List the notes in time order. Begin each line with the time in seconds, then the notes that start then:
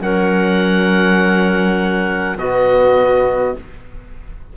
0.00 F#3 C#4 A#4 F#5
2.36 B2 B3 F#4 D#5